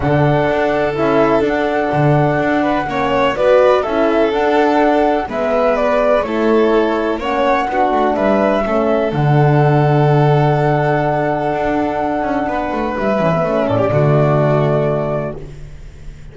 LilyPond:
<<
  \new Staff \with { instrumentName = "flute" } { \time 4/4 \tempo 4 = 125 fis''2 e''4 fis''4~ | fis''2. d''4 | e''4 fis''2 e''4 | d''4 cis''2 fis''4~ |
fis''4 e''2 fis''4~ | fis''1~ | fis''2. e''4~ | e''8 d''2.~ d''8 | }
  \new Staff \with { instrumentName = "violin" } { \time 4/4 a'1~ | a'4. b'8 cis''4 b'4 | a'2. b'4~ | b'4 a'2 cis''4 |
fis'4 b'4 a'2~ | a'1~ | a'2 b'2~ | b'8 a'16 g'16 fis'2. | }
  \new Staff \with { instrumentName = "horn" } { \time 4/4 d'2 e'4 d'4~ | d'2 cis'4 fis'4 | e'4 d'2 b4~ | b4 e'2 cis'4 |
d'2 cis'4 d'4~ | d'1~ | d'2.~ d'8 cis'16 b16 | cis'4 a2. | }
  \new Staff \with { instrumentName = "double bass" } { \time 4/4 d4 d'4 cis'4 d'4 | d4 d'4 ais4 b4 | cis'4 d'2 gis4~ | gis4 a2 ais4 |
b8 a8 g4 a4 d4~ | d1 | d'4. cis'8 b8 a8 g8 e8 | a8 a,8 d2. | }
>>